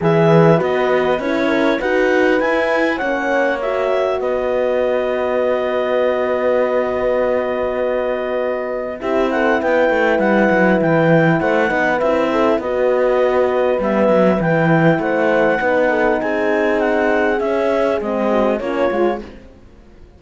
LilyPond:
<<
  \new Staff \with { instrumentName = "clarinet" } { \time 4/4 \tempo 4 = 100 e''4 dis''4 cis''4 fis''4 | gis''4 fis''4 e''4 dis''4~ | dis''1~ | dis''2. e''8 fis''8 |
g''4 fis''4 g''4 fis''4 | e''4 dis''2 e''4 | g''4 fis''2 gis''4 | fis''4 e''4 dis''4 cis''4 | }
  \new Staff \with { instrumentName = "horn" } { \time 4/4 b'2~ b'8 ais'8 b'4~ | b'4 cis''2 b'4~ | b'1~ | b'2. g'8 a'8 |
b'2. c''8 b'8~ | b'8 a'8 b'2.~ | b'4 c''4 b'8 a'8 gis'4~ | gis'2~ gis'8 fis'8 f'4 | }
  \new Staff \with { instrumentName = "horn" } { \time 4/4 gis'4 fis'4 e'4 fis'4 | e'4 cis'4 fis'2~ | fis'1~ | fis'2. e'4~ |
e'2.~ e'8 dis'8 | e'4 fis'2 b4 | e'2 dis'2~ | dis'4 cis'4 c'4 cis'8 f'8 | }
  \new Staff \with { instrumentName = "cello" } { \time 4/4 e4 b4 cis'4 dis'4 | e'4 ais2 b4~ | b1~ | b2. c'4 |
b8 a8 g8 fis8 e4 a8 b8 | c'4 b2 g8 fis8 | e4 a4 b4 c'4~ | c'4 cis'4 gis4 ais8 gis8 | }
>>